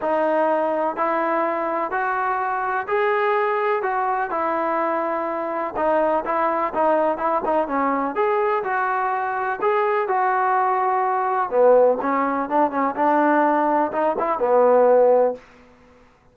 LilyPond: \new Staff \with { instrumentName = "trombone" } { \time 4/4 \tempo 4 = 125 dis'2 e'2 | fis'2 gis'2 | fis'4 e'2. | dis'4 e'4 dis'4 e'8 dis'8 |
cis'4 gis'4 fis'2 | gis'4 fis'2. | b4 cis'4 d'8 cis'8 d'4~ | d'4 dis'8 e'8 b2 | }